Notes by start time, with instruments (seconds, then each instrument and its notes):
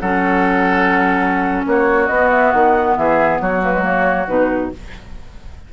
0.00 bassoon F#3, clarinet C#4, oboe A4, flute F#5
1.66 bassoon A#3, oboe F#4, flute C#5
2.07 bassoon B3, clarinet B3, flute D#5
2.31 flute E5
2.52 bassoon D#3, flute F#5
2.96 bassoon E3, oboe G#4, flute E5
3.41 bassoon F#3, oboe F#4, flute C#5
3.62 clarinet A#3, flute B4
3.73 clarinet G#3
3.82 clarinet A#3, flute C#5
4.27 bassoon B2, clarinet D#4, flute B4